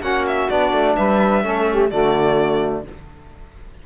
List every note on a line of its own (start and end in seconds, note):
0.00 0.48 A#3
0.00 0.50 C#4
0.00 0.94 F#4
0.00 0.25 F#5
0.27 0.50 E5
0.50 0.72 B3
0.50 1.43 D4
0.50 0.96 D5
0.72 0.96 A3
0.96 1.44 G3
0.96 1.44 B4
0.96 1.90 E5
1.43 1.91 A3
1.43 1.90 C#4
1.43 1.68 A4
1.71 1.91 G4
1.90 2.86 D3
1.90 2.85 A3
1.90 2.85 F#4
1.90 2.84 D5